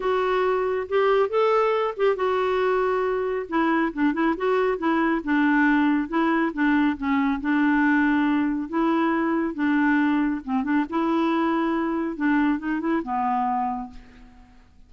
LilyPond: \new Staff \with { instrumentName = "clarinet" } { \time 4/4 \tempo 4 = 138 fis'2 g'4 a'4~ | a'8 g'8 fis'2. | e'4 d'8 e'8 fis'4 e'4 | d'2 e'4 d'4 |
cis'4 d'2. | e'2 d'2 | c'8 d'8 e'2. | d'4 dis'8 e'8 b2 | }